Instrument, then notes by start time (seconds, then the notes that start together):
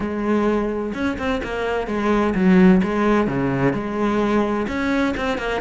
cello
0.00 G#3
0.94 C#4
1.18 C4
1.43 A#3
1.87 G#3
2.34 F#3
2.83 G#3
3.27 C#3
3.73 G#3
4.67 C#4
5.16 C4
5.38 A#3